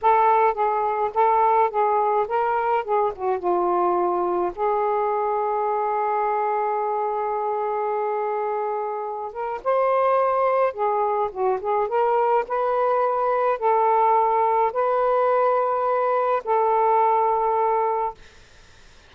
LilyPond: \new Staff \with { instrumentName = "saxophone" } { \time 4/4 \tempo 4 = 106 a'4 gis'4 a'4 gis'4 | ais'4 gis'8 fis'8 f'2 | gis'1~ | gis'1~ |
gis'8 ais'8 c''2 gis'4 | fis'8 gis'8 ais'4 b'2 | a'2 b'2~ | b'4 a'2. | }